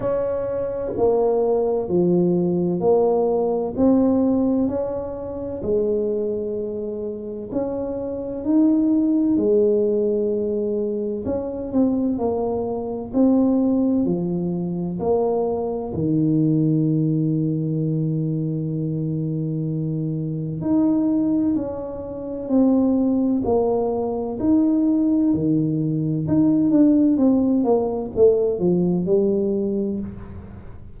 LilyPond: \new Staff \with { instrumentName = "tuba" } { \time 4/4 \tempo 4 = 64 cis'4 ais4 f4 ais4 | c'4 cis'4 gis2 | cis'4 dis'4 gis2 | cis'8 c'8 ais4 c'4 f4 |
ais4 dis2.~ | dis2 dis'4 cis'4 | c'4 ais4 dis'4 dis4 | dis'8 d'8 c'8 ais8 a8 f8 g4 | }